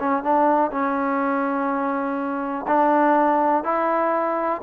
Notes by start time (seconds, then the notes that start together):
0.00 C#4
0.23 D4
0.71 C#4
2.67 D4
3.64 E4